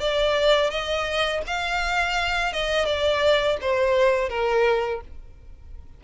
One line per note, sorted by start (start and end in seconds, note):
0.00 0.70 D5
0.70 1.42 D#5
1.47 2.53 F5
2.53 2.85 D#5
2.85 3.57 D5
3.61 4.29 C5
4.29 5.01 A#4